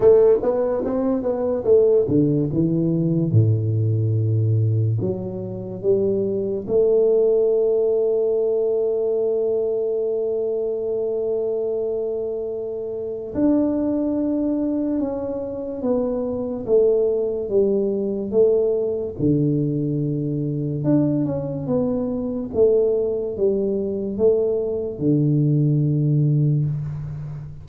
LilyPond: \new Staff \with { instrumentName = "tuba" } { \time 4/4 \tempo 4 = 72 a8 b8 c'8 b8 a8 d8 e4 | a,2 fis4 g4 | a1~ | a1 |
d'2 cis'4 b4 | a4 g4 a4 d4~ | d4 d'8 cis'8 b4 a4 | g4 a4 d2 | }